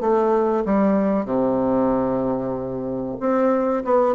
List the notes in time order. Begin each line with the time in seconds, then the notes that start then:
0.00 A3
0.65 G3
1.25 C3
3.20 C4
3.84 B3